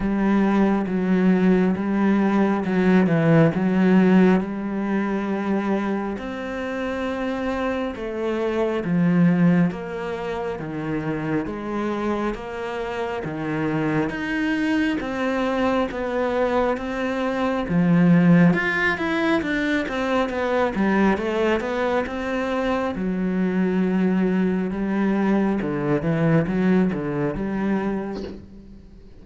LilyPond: \new Staff \with { instrumentName = "cello" } { \time 4/4 \tempo 4 = 68 g4 fis4 g4 fis8 e8 | fis4 g2 c'4~ | c'4 a4 f4 ais4 | dis4 gis4 ais4 dis4 |
dis'4 c'4 b4 c'4 | f4 f'8 e'8 d'8 c'8 b8 g8 | a8 b8 c'4 fis2 | g4 d8 e8 fis8 d8 g4 | }